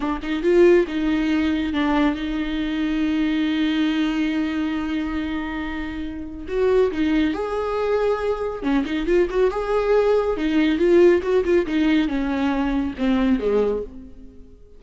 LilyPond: \new Staff \with { instrumentName = "viola" } { \time 4/4 \tempo 4 = 139 d'8 dis'8 f'4 dis'2 | d'4 dis'2.~ | dis'1~ | dis'2. fis'4 |
dis'4 gis'2. | cis'8 dis'8 f'8 fis'8 gis'2 | dis'4 f'4 fis'8 f'8 dis'4 | cis'2 c'4 gis4 | }